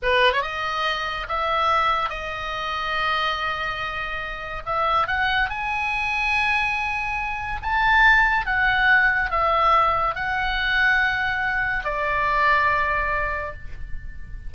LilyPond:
\new Staff \with { instrumentName = "oboe" } { \time 4/4 \tempo 4 = 142 b'8. cis''16 dis''2 e''4~ | e''4 dis''2.~ | dis''2. e''4 | fis''4 gis''2.~ |
gis''2 a''2 | fis''2 e''2 | fis''1 | d''1 | }